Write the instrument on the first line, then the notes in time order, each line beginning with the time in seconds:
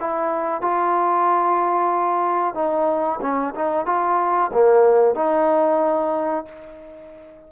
trombone
0.00 E4
0.61 F4
2.55 D#4
3.21 C#4
3.55 D#4
3.86 F4
4.53 A#3
5.15 D#4